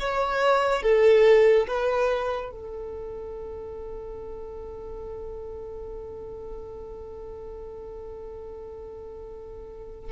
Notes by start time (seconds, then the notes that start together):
0.00 C#5
0.83 A4
1.67 B4
2.52 A4